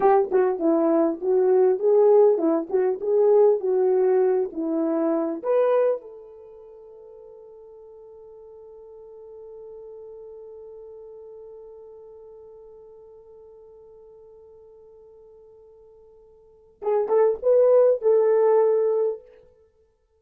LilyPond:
\new Staff \with { instrumentName = "horn" } { \time 4/4 \tempo 4 = 100 g'8 fis'8 e'4 fis'4 gis'4 | e'8 fis'8 gis'4 fis'4. e'8~ | e'4 b'4 a'2~ | a'1~ |
a'1~ | a'1~ | a'1 | gis'8 a'8 b'4 a'2 | }